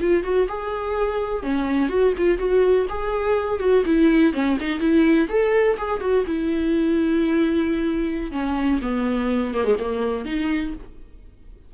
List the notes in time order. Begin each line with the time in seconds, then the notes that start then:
0.00 F4
0.23 F#4
0.48 G#4
1.43 C#4
1.89 F#4
2.17 F4
2.38 F#4
2.89 G#4
3.59 F#4
3.85 E4
4.33 C#4
4.60 D#4
4.79 E4
5.28 A4
5.77 G#4
6.00 F#4
6.26 E4
8.31 C#4
8.81 B3
9.54 A#3
9.64 G#3
9.79 A#3
10.25 D#4